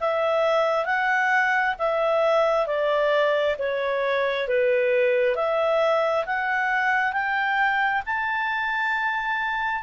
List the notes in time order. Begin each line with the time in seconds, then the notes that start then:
0.00 E5
0.85 F#5
1.78 E5
2.67 D5
3.59 C#5
4.48 B4
5.35 E5
6.26 F#5
7.12 G5
8.06 A5